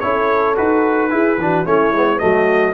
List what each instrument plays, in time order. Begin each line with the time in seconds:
0.00 tuba C#4, trombone E4, horn A4, trumpet C#5
0.55 tuba D#4, trombone F#4, trumpet B4
1.10 trombone E4, tuba E4, horn G#4
1.37 tuba E3, trombone D4, horn F#4
1.66 tuba A3, trombone C#4, horn E4, trumpet C#5
1.92 tuba G#3, trombone B3
2.19 tuba F#3, trombone A3, horn F#4, trumpet D#5